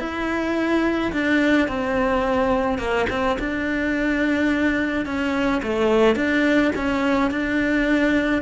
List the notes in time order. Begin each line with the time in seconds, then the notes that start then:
0.00 E4
1.12 D4
1.68 C4
2.79 A#3
3.10 C4
3.39 D4
5.06 C#4
5.63 A3
6.16 D4
6.76 C#4
7.31 D4